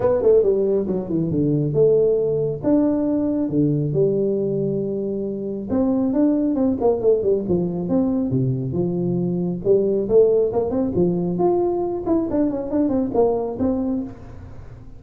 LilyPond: \new Staff \with { instrumentName = "tuba" } { \time 4/4 \tempo 4 = 137 b8 a8 g4 fis8 e8 d4 | a2 d'2 | d4 g2.~ | g4 c'4 d'4 c'8 ais8 |
a8 g8 f4 c'4 c4 | f2 g4 a4 | ais8 c'8 f4 f'4. e'8 | d'8 cis'8 d'8 c'8 ais4 c'4 | }